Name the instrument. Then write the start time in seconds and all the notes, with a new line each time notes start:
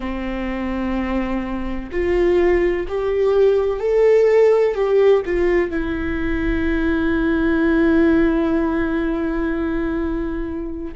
viola
0.00 C4
1.91 F4
2.87 G4
3.79 A4
4.74 G4
5.26 F4
5.70 E4